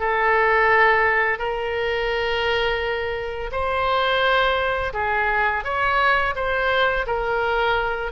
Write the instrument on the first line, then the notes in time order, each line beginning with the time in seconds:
oboe
0.00 A4
1.39 A#4
3.52 C5
4.94 G#4
5.64 C#5
6.36 C5
7.07 A#4